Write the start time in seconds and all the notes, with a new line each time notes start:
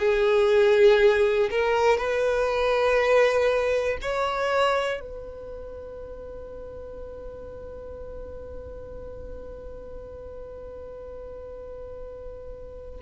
0.00 G#4
1.51 A#4
1.98 B4
4.02 C#5
5.01 B4